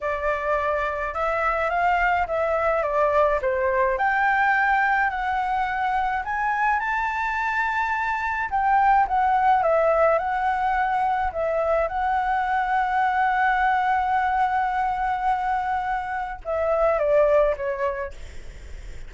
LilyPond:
\new Staff \with { instrumentName = "flute" } { \time 4/4 \tempo 4 = 106 d''2 e''4 f''4 | e''4 d''4 c''4 g''4~ | g''4 fis''2 gis''4 | a''2. g''4 |
fis''4 e''4 fis''2 | e''4 fis''2.~ | fis''1~ | fis''4 e''4 d''4 cis''4 | }